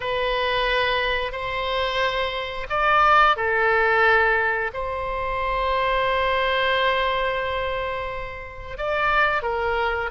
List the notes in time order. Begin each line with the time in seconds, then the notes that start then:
0.00 B4
1.32 C5
2.69 D5
3.36 A4
4.73 C5
8.77 D5
9.42 A#4